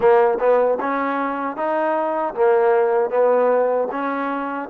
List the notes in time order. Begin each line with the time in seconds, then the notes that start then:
0.00 A#3
0.39 B3
0.80 C#4
1.56 D#4
2.34 A#3
3.10 B3
3.91 C#4